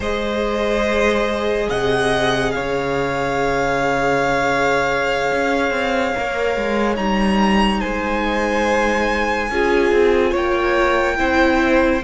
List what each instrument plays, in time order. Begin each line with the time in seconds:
0.00 cello G#3, viola G#4, violin C5 D#5
1.69 cello C3, violin D#5 F#5
2.51 cello C#3, violin C#5 F5
5.31 cello C#4
5.71 cello C4
6.14 cello A#3, viola A#4
6.56 cello G#3
6.95 cello G3, viola D#4, violin A#5
7.79 cello G#3, violin C5 G#5
9.49 cello C#4, viola F4, violin G#4
9.91 cello C4
10.30 cello A#3, violin C#5 G5
11.17 cello C4, viola E4, violin C5